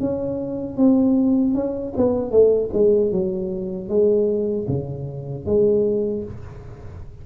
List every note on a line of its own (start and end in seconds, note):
0.00 0.77 C#4
0.77 1.55 C4
1.55 1.94 C#4
1.97 2.31 B3
2.31 2.70 A3
2.73 3.12 G#3
3.12 3.89 F#3
3.89 4.67 G#3
4.68 5.46 C#3
5.46 6.24 G#3